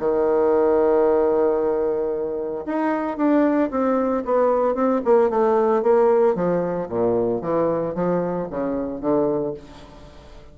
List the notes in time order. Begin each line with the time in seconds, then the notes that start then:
0.00 D#3
2.66 D#4
3.17 D4
3.71 C4
4.26 B3
4.75 C4
5.05 A#3
5.30 A3
5.83 A#3
6.36 F3
6.89 A#2
7.42 E3
7.95 F3
8.51 C#3
9.01 D3